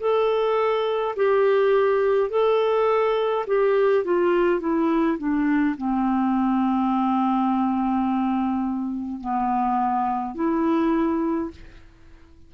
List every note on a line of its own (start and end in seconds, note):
0.00 1.15 A4
1.16 2.30 G4
2.30 3.46 A4
3.47 4.04 G4
4.04 4.60 F4
4.60 5.18 E4
5.18 5.76 D4
5.77 9.20 C4
9.20 10.35 B3
10.35 11.50 E4